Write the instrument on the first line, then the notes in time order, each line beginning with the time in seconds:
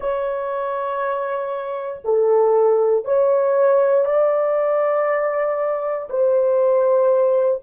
horn
0.00 C#5
2.04 A4
3.05 C#5
4.05 D5
6.09 C5